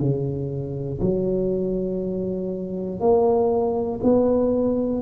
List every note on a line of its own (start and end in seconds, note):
0.00 1.00 C#3
1.00 3.00 F#3
3.00 4.00 A#3
4.03 5.02 B3